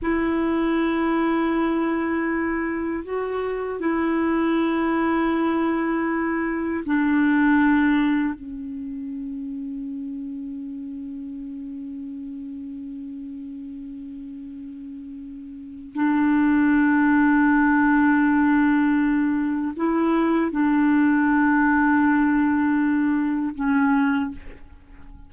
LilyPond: \new Staff \with { instrumentName = "clarinet" } { \time 4/4 \tempo 4 = 79 e'1 | fis'4 e'2.~ | e'4 d'2 cis'4~ | cis'1~ |
cis'1~ | cis'4 d'2.~ | d'2 e'4 d'4~ | d'2. cis'4 | }